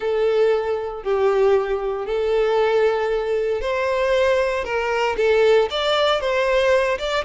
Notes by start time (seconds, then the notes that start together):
0.00 A4
1.03 G4
2.05 A4
3.61 C5
4.64 A#4
5.17 A4
5.70 D5
6.20 C5
6.98 D5